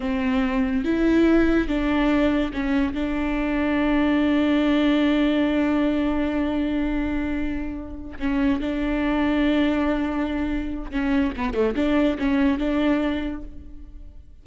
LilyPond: \new Staff \with { instrumentName = "viola" } { \time 4/4 \tempo 4 = 143 c'2 e'2 | d'2 cis'4 d'4~ | d'1~ | d'1~ |
d'2.~ d'8 cis'8~ | cis'8 d'2.~ d'8~ | d'2 cis'4 b8 a8 | d'4 cis'4 d'2 | }